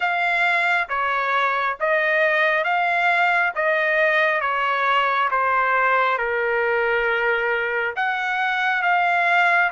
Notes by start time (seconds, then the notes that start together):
0.00 F5
0.88 C#5
1.80 D#5
2.64 F5
3.55 D#5
4.40 C#5
5.31 C5
6.18 A#4
7.95 F#5
8.82 F5